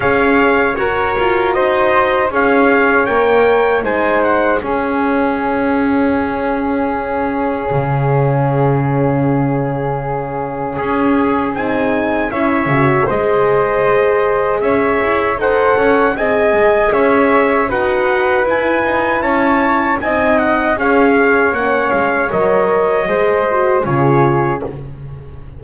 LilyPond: <<
  \new Staff \with { instrumentName = "trumpet" } { \time 4/4 \tempo 4 = 78 f''4 cis''4 dis''4 f''4 | g''4 gis''8 fis''8 f''2~ | f''1~ | f''2 gis'4 gis''4 |
e''4 dis''2 e''4 | fis''4 gis''4 e''4 fis''4 | gis''4 a''4 gis''8 fis''8 f''4 | fis''8 f''8 dis''2 cis''4 | }
  \new Staff \with { instrumentName = "flute" } { \time 4/4 cis''4 ais'4 c''4 cis''4~ | cis''4 c''4 gis'2~ | gis'1~ | gis'1 |
cis''4 c''2 cis''4 | c''8 cis''8 dis''4 cis''4 b'4~ | b'4 cis''4 dis''4 cis''4~ | cis''2 c''4 gis'4 | }
  \new Staff \with { instrumentName = "horn" } { \time 4/4 gis'4 fis'2 gis'4 | ais'4 dis'4 cis'2~ | cis'1~ | cis'2. dis'4 |
e'8 fis'8 gis'2. | a'4 gis'2 fis'4 | e'2 dis'4 gis'4 | cis'4 ais'4 gis'8 fis'8 f'4 | }
  \new Staff \with { instrumentName = "double bass" } { \time 4/4 cis'4 fis'8 f'8 dis'4 cis'4 | ais4 gis4 cis'2~ | cis'2 cis2~ | cis2 cis'4 c'4 |
cis'8 cis8 gis2 cis'8 e'8 | dis'8 cis'8 c'8 gis8 cis'4 dis'4 | e'8 dis'8 cis'4 c'4 cis'4 | ais8 gis8 fis4 gis4 cis4 | }
>>